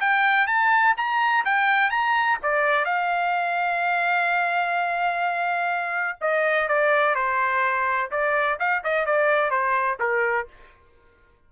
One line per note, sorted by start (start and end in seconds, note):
0.00 0.47 G5
0.47 0.94 A5
0.97 1.44 A#5
1.45 1.90 G5
1.90 2.38 A#5
2.42 2.85 D5
2.85 6.18 F5
6.21 6.68 D#5
6.68 7.15 D5
7.15 8.10 C5
8.11 8.58 D5
8.59 8.83 F5
8.84 9.05 D#5
9.05 9.50 D5
9.50 9.98 C5
10.00 10.47 A#4